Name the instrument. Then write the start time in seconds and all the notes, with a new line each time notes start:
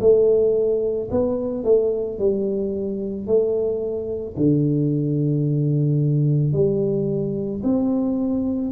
tuba
0.00 A3
1.11 B3
1.64 A3
2.19 G3
3.27 A3
4.36 D3
6.53 G3
7.64 C4